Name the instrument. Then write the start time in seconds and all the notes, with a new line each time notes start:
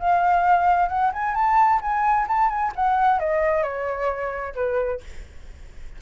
flute
0.00 F5
0.89 F#5
1.13 G#5
1.35 A5
1.82 G#5
2.28 A5
2.50 G#5
2.76 F#5
3.20 D#5
3.63 C#5
4.55 B4